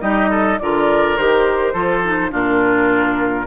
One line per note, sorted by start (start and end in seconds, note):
0.00 0.59 G3
0.00 0.58 D#4
0.00 0.30 G4
0.00 0.59 D#5
0.30 0.59 A4
0.59 1.18 D3
0.59 1.18 F4
0.59 1.73 A#4
0.59 1.17 D5
1.17 1.74 D#3
1.17 1.75 G4
1.17 2.32 C5
1.73 2.32 F3
1.73 2.03 F4
1.73 2.31 A4
2.04 2.31 D#4
2.31 3.47 A#2
2.31 3.46 D4
2.31 3.47 F4
2.31 3.47 A#4